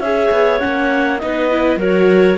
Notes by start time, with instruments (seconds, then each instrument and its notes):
0.00 cello C#4, viola G#4, clarinet C#5 E5
0.31 cello B3
0.60 cello A#3, viola C#4, clarinet F#5
1.19 cello B3, viola D#4, clarinet D#5
1.25 clarinet B4
1.51 viola E4
1.77 cello F#3, viola F#4, clarinet A#4 C#5